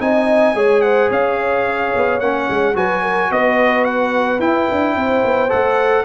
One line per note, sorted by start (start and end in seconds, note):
0.00 0.55 C4
0.00 0.55 D#4
0.00 0.56 D#5
0.00 0.82 G#5
0.55 1.10 G#3
0.55 2.21 G#4
0.55 0.83 C#5
0.82 1.10 C5
0.82 1.09 F#5
1.10 1.93 C#4
1.10 2.75 C#5
1.10 2.20 F5
1.95 2.20 B3
2.20 2.48 A#3
2.20 2.75 C#4
2.20 2.75 F#5
2.49 2.75 G#3
2.75 3.30 F#3
2.75 4.40 F#4
2.75 3.02 B4
2.75 3.32 G#5
3.02 3.30 A#4
3.31 4.40 B3
3.31 4.97 B4
3.31 3.85 D#5
3.85 4.40 F#5
4.40 4.67 E4
4.40 5.49 E4
4.40 5.50 G5
4.71 4.96 D4
4.96 5.23 C4
4.96 6.04 C5
5.24 5.52 B3
5.49 6.04 A3
5.49 6.04 A4
5.49 6.04 F#5